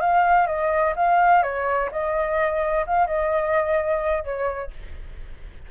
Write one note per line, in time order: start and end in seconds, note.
0.00 0.47 F5
0.47 0.94 D#5
0.95 1.42 F5
1.42 1.89 C#5
1.91 2.85 D#5
2.86 3.06 F5
3.06 4.24 D#5
4.24 4.70 C#5